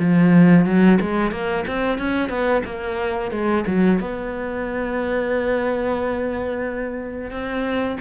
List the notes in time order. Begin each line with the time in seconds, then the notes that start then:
0.00 F3
0.66 F#3
1.01 G#3
1.32 A#3
1.68 C4
1.99 C#4
2.29 B3
2.65 A#3
3.32 G#3
3.67 F#3
4.00 B3
7.31 C4